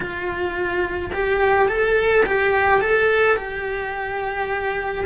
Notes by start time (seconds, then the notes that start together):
0.00 F4
1.13 G4
1.68 A4
2.25 G4
2.81 A4
3.36 G4